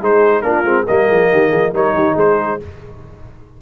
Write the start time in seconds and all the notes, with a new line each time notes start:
0.00 G#3 D#4 G#4 C5
0.42 A#3 D4 F4 A#4
0.64 G#3 C4
0.85 G3 A#3 A#4 D#5
1.07 F3 G#4
1.32 D#3 G4
1.49 F3 G#4
1.73 G3 D#4 A#4 C#5
1.94 D#3 G4
2.13 G#3 G#4 C5